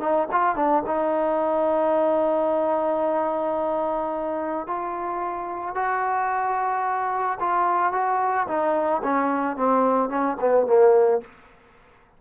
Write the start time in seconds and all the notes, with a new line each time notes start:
0.00 D#4
0.32 F4
0.56 D4
0.86 D#4
4.67 F4
5.75 F#4
7.40 F4
7.92 F#4
8.47 D#4
9.03 C#4
9.56 C4
10.09 C#4
10.40 B3
10.66 A#3